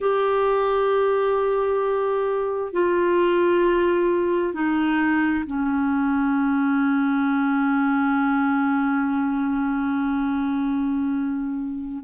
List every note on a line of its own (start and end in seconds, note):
0.00 2.73 G4
2.73 4.53 F4
4.53 5.44 D#4
5.46 12.04 C#4